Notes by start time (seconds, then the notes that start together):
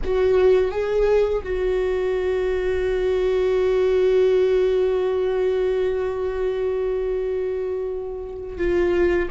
0.04 F#4
0.71 G#4
1.43 F#4
8.57 F4